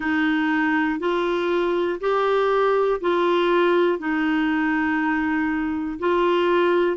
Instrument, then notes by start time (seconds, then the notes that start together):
clarinet
0.00 D#4
0.99 F4
2.00 G4
3.00 F4
3.99 D#4
5.99 F4